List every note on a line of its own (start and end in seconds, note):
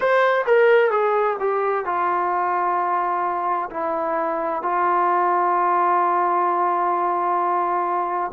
0.00 0.44 C5
0.46 0.90 A#4
0.90 1.36 G#4
1.39 1.85 G4
1.85 3.69 F4
3.70 4.62 E4
4.62 8.31 F4